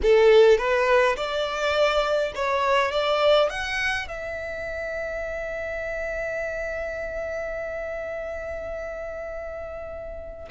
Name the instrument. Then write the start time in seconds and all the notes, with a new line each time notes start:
violin
0.02 A4
0.57 B4
1.16 D5
2.35 C#5
2.91 D5
3.50 F#5
4.08 E5